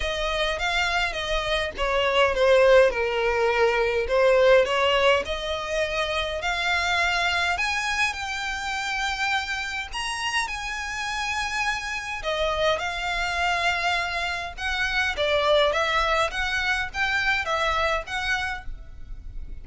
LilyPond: \new Staff \with { instrumentName = "violin" } { \time 4/4 \tempo 4 = 103 dis''4 f''4 dis''4 cis''4 | c''4 ais'2 c''4 | cis''4 dis''2 f''4~ | f''4 gis''4 g''2~ |
g''4 ais''4 gis''2~ | gis''4 dis''4 f''2~ | f''4 fis''4 d''4 e''4 | fis''4 g''4 e''4 fis''4 | }